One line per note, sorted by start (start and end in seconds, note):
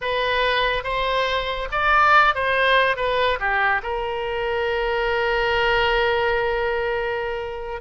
0.01 0.83 B4
0.83 1.68 C5
1.71 2.35 D5
2.35 2.96 C5
2.96 3.38 B4
3.39 3.81 G4
3.82 7.81 A#4